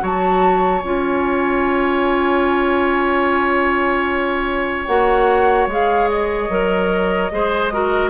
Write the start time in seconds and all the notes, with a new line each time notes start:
0.00 F#3 F#4 C#5
0.06 A5
0.82 C#4 F4 G#5
4.86 A#3 F#4 F#5
5.67 G#3 G#4 F5
6.09 D#5
6.50 F#3 A#4
7.32 G#3 G#4 C5
7.73 F#4 A#4